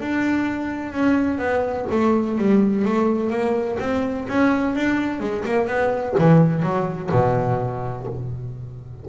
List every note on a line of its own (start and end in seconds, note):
0.00 0.92 D4
0.92 1.38 C#4
1.38 1.86 B3
1.91 2.38 A3
2.38 2.85 G3
2.85 3.30 A3
3.30 3.77 A#3
3.79 4.27 C4
4.28 4.75 C#4
4.75 5.20 D4
5.20 5.44 G#3
5.45 5.67 A#3
5.67 6.15 B3
6.18 6.62 E3
6.62 7.10 F#3
7.11 8.06 B2